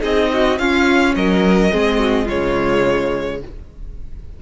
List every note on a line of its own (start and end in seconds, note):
0.00 0.59 C4
0.00 0.56 D#4
0.00 0.29 G#4
0.00 0.59 D#5
0.33 0.60 F#4
0.59 1.16 C#4
0.59 1.72 C#4
0.59 1.16 F4
0.59 1.15 F5
1.16 1.72 F#3
1.16 1.73 A#4
1.16 2.28 D#5
1.72 2.30 G#3
1.72 2.28 C4
1.72 2.00 G#4
2.00 2.25 F#4
2.25 3.43 C#3
2.25 3.41 G#3
2.25 3.37 F4
2.25 3.41 C#5